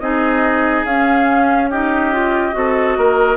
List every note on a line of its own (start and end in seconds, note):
0.00 0.84 C4
0.00 0.86 D#4
0.00 1.70 G#4
0.00 0.85 D#5
0.84 2.53 C#4
0.84 1.73 C#4
0.84 1.70 F5
1.70 2.12 D#4
1.70 2.54 G4
1.70 3.37 D#5
2.12 2.52 F4
2.52 2.97 C4
2.52 3.36 F#4
2.52 2.98 A4
2.97 3.37 A#3
2.97 3.37 A#4